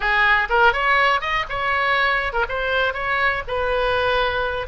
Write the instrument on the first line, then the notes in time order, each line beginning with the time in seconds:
oboe
0.00 G#4
0.49 A#4
0.72 C#5
1.20 D#5
1.49 C#5
2.32 A#4
2.49 C5
2.93 C#5
3.47 B4